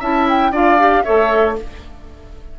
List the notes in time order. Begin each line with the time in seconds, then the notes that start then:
0.00 C#4 E4 E5 A5
0.29 G5
0.51 D4 F4 D5 F5
0.79 G4
1.03 A3 A4 C#5 E5